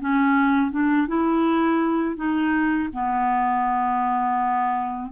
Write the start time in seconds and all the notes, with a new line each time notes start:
0.00 C#4
0.71 D4
1.07 E4
2.16 D#4
2.93 B3